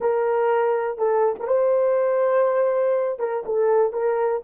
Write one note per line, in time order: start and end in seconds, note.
0.00 0.98 A#4
0.98 1.35 A4
1.39 1.47 A#4
1.47 3.19 C5
3.19 3.43 A#4
3.45 3.93 A4
3.93 4.42 A#4